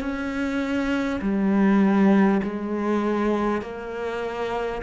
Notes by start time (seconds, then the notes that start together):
0.00 C#4
1.22 G3
2.43 G#3
3.62 A#3